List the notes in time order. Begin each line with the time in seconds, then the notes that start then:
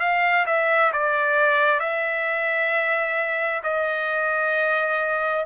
0.00 F5
0.46 E5
0.93 D5
1.80 E5
3.63 D#5